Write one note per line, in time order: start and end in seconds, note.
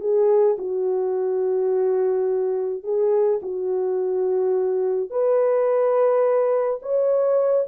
0.00 0.57 G#4
0.58 2.83 F#4
2.83 3.40 G#4
3.42 5.10 F#4
5.10 6.80 B4
6.82 7.67 C#5